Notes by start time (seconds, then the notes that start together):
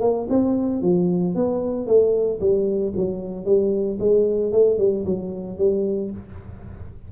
0.00 A#3
0.29 C4
0.81 F3
1.35 B3
1.86 A3
2.40 G3
2.96 F#3
3.44 G3
3.99 G#3
4.52 A3
4.78 G3
5.05 F#3
5.57 G3